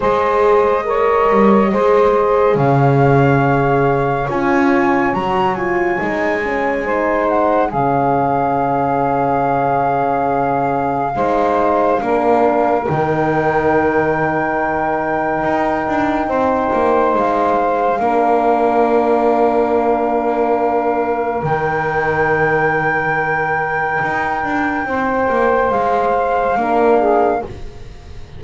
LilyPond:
<<
  \new Staff \with { instrumentName = "flute" } { \time 4/4 \tempo 4 = 70 dis''2. f''4~ | f''4 gis''4 ais''8 gis''4.~ | gis''8 fis''8 f''2.~ | f''2. g''4~ |
g''1 | f''1~ | f''4 g''2.~ | g''2 f''2 | }
  \new Staff \with { instrumentName = "saxophone" } { \time 4/4 c''4 cis''4 c''4 cis''4~ | cis''1 | c''4 gis'2.~ | gis'4 c''4 ais'2~ |
ais'2. c''4~ | c''4 ais'2.~ | ais'1~ | ais'4 c''2 ais'8 gis'8 | }
  \new Staff \with { instrumentName = "horn" } { \time 4/4 gis'4 ais'4 gis'2~ | gis'4 f'4 fis'8 f'8 dis'8 cis'8 | dis'4 cis'2.~ | cis'4 dis'4 d'4 dis'4~ |
dis'1~ | dis'4 d'2.~ | d'4 dis'2.~ | dis'2. d'4 | }
  \new Staff \with { instrumentName = "double bass" } { \time 4/4 gis4. g8 gis4 cis4~ | cis4 cis'4 fis4 gis4~ | gis4 cis2.~ | cis4 gis4 ais4 dis4~ |
dis2 dis'8 d'8 c'8 ais8 | gis4 ais2.~ | ais4 dis2. | dis'8 d'8 c'8 ais8 gis4 ais4 | }
>>